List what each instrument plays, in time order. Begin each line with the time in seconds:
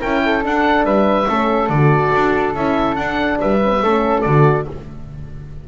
0.00 double bass C#4, horn E4, flute A#4, oboe G5
0.25 flute A4
0.43 horn D4, double bass D4, oboe F#5
0.85 double bass G3, flute B4, oboe E5
1.28 double bass A3, horn C#4, flute A4
1.69 double bass D3, oboe D5
1.76 horn F#4
2.15 double bass D4
2.54 double bass C#4, horn E4, oboe E5
2.96 double bass D4, horn D4, oboe F#5
3.41 double bass G3, flute B4, oboe E5
3.63 horn C#4
3.72 horn B3
3.83 double bass A3, horn C#4, flute A4
4.22 double bass D3, horn F#4, oboe D5